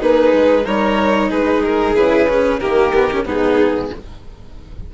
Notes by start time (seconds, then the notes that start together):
0.00 A#3 D#4 G#4 B4
0.33 G#3
0.65 G3 D#4 A#4 C#5
1.30 G#3 G#4 B4
1.65 A#4
1.95 C#3 E4 B4
2.29 C#4
2.60 D#3 A#3 G4 A#4
2.95 B3
3.12 C#4
3.25 G#2 B3 D#4 G#4